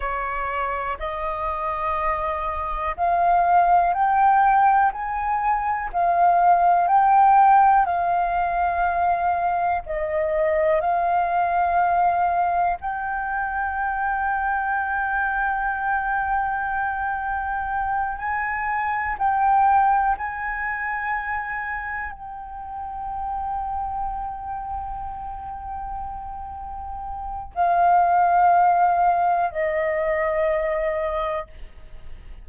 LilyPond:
\new Staff \with { instrumentName = "flute" } { \time 4/4 \tempo 4 = 61 cis''4 dis''2 f''4 | g''4 gis''4 f''4 g''4 | f''2 dis''4 f''4~ | f''4 g''2.~ |
g''2~ g''8 gis''4 g''8~ | g''8 gis''2 g''4.~ | g''1 | f''2 dis''2 | }